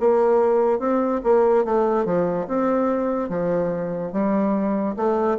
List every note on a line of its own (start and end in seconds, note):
0.00 0.80 A#3
0.80 1.21 C4
1.24 1.65 A#3
1.65 2.05 A3
2.05 2.47 F3
2.48 3.29 C4
3.29 4.12 F3
4.12 4.96 G3
4.97 5.38 A3